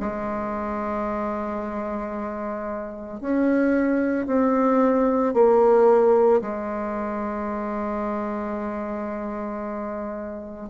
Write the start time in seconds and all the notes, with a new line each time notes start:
0.00 G#3
3.21 C#4
4.27 C4
5.34 A#3
6.41 G#3